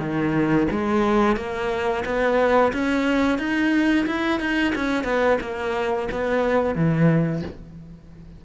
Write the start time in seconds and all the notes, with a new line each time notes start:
0.00 D#3
0.71 G#3
1.37 A#3
2.05 B3
2.73 C#4
3.39 D#4
4.07 E4
4.40 D#4
4.76 C#4
5.04 B3
5.41 A#3
6.12 B3
6.75 E3